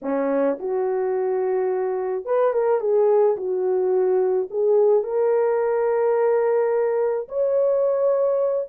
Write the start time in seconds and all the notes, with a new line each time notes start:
0.02 C#4
0.59 F#4
2.25 B4
2.53 A#4
2.80 G#4
3.36 F#4
4.50 G#4
5.03 A#4
7.28 C#5